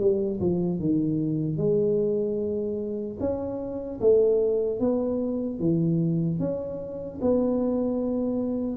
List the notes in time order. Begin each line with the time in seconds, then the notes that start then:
0.00 G3
0.40 F3
0.80 D#3
1.58 G#3
3.20 C#4
4.01 A3
4.80 B3
5.60 E3
6.40 C#4
7.22 B3